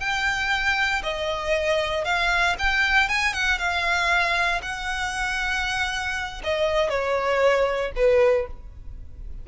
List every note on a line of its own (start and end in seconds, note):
0.00 1.03 G5
1.03 2.05 D#5
2.05 2.56 F5
2.59 3.09 G5
3.09 3.34 G#5
3.34 3.59 F#5
3.59 4.61 F5
4.62 6.42 F#5
6.44 6.90 D#5
6.90 7.92 C#5
7.96 8.47 B4